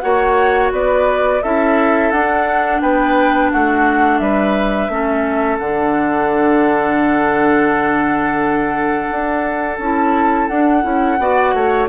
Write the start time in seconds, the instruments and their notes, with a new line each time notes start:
0.00 bassoon A#3, clarinet F#4, oboe C#5, flute F#5
0.72 bassoon B3, oboe B4, flute D5
1.43 bassoon C#4, clarinet E4, oboe A4, flute E5
2.11 bassoon D4, clarinet D4, flute F#5
2.81 bassoon B3, oboe B4, flute G5
3.52 bassoon A3, oboe F#4, flute F#5
4.18 bassoon G3, oboe B4, flute E5
4.89 bassoon A3, clarinet C#4, oboe A4
5.59 bassoon D3, clarinet D4, flute F#5
9.11 bassoon D4
9.79 bassoon C#4, clarinet E4, flute A5
10.47 bassoon D4, clarinet D4, flute F#5
10.82 bassoon C#4, clarinet E4
11.19 bassoon B3, clarinet F#4, oboe D5
11.53 bassoon A3, oboe C#5